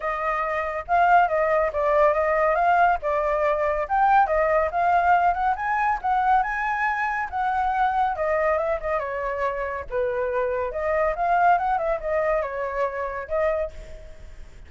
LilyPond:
\new Staff \with { instrumentName = "flute" } { \time 4/4 \tempo 4 = 140 dis''2 f''4 dis''4 | d''4 dis''4 f''4 d''4~ | d''4 g''4 dis''4 f''4~ | f''8 fis''8 gis''4 fis''4 gis''4~ |
gis''4 fis''2 dis''4 | e''8 dis''8 cis''2 b'4~ | b'4 dis''4 f''4 fis''8 e''8 | dis''4 cis''2 dis''4 | }